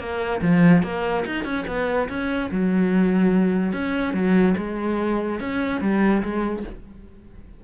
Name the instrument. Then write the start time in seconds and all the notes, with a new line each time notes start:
cello
0.00 A#3
0.42 F3
0.83 A#3
1.26 D#4
1.45 C#4
1.68 B3
2.09 C#4
2.52 F#3
3.73 C#4
4.14 F#3
4.58 G#3
5.41 C#4
5.81 G3
6.23 G#3